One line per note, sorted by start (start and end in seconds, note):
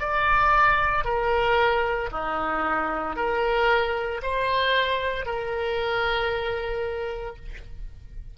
0.00 1.05 D5
1.05 2.10 A#4
2.11 3.16 D#4
3.16 4.21 A#4
4.22 5.26 C5
5.26 7.36 A#4